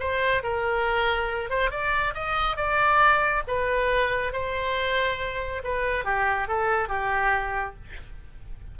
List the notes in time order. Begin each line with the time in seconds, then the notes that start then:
0.00 C5
0.43 A#4
1.50 C5
1.71 D5
2.15 D#5
2.57 D5
3.47 B4
4.33 C5
5.64 B4
6.05 G4
6.48 A4
6.89 G4